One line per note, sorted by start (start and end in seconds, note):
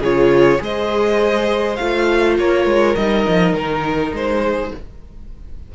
0.00 0.59 C#3
0.00 0.59 F4
0.00 0.59 G#4
0.00 0.62 C#5
0.59 1.79 G#3
0.59 1.76 G#4
0.59 2.39 C5
0.59 1.76 D#5
1.76 2.38 A3
1.76 2.98 F4
1.76 2.35 F5
2.39 2.66 A#3
2.39 4.42 A#4
2.39 2.96 C#5
2.66 2.95 G#3
2.96 3.26 G3
2.96 4.75 D#4
2.96 3.54 D#5
3.28 3.53 F3
3.53 4.12 D#3
3.53 4.13 A#4
4.12 4.71 G#3
4.12 4.75 C5
4.42 4.72 G#4